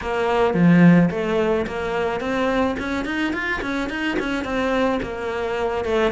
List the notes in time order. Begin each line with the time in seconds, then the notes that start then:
0.01 A#3
0.54 F3
1.10 A3
1.67 A#3
2.20 C4
2.79 C#4
3.05 D#4
3.33 F4
3.61 C#4
3.89 D#4
4.19 C#4
4.44 C4
5.02 A#3
5.84 A3